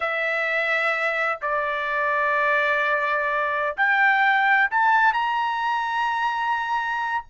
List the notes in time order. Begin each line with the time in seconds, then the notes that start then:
0.00 E5
1.41 D5
3.76 G5
4.70 A5
5.13 A#5